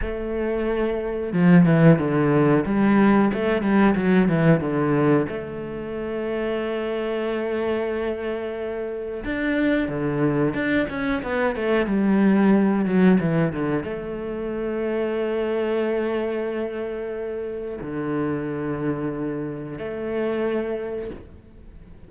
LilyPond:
\new Staff \with { instrumentName = "cello" } { \time 4/4 \tempo 4 = 91 a2 f8 e8 d4 | g4 a8 g8 fis8 e8 d4 | a1~ | a2 d'4 d4 |
d'8 cis'8 b8 a8 g4. fis8 | e8 d8 a2.~ | a2. d4~ | d2 a2 | }